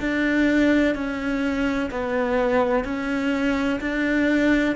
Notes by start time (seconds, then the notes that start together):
0.00 D4
0.95 C#4
1.91 B3
2.84 C#4
3.81 D4